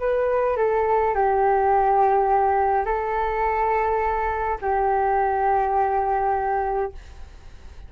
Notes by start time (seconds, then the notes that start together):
0.00 B4
0.57 A4
1.15 G4
2.85 A4
4.62 G4